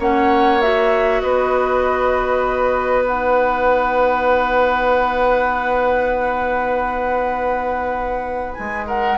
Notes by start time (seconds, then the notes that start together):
0.00 A#3 C#4 C#5 F#5
0.62 F#4 E5
1.21 B3 B4 D#5
3.05 D#4 F#5
8.55 G#3 G#5
8.87 A#4 F#5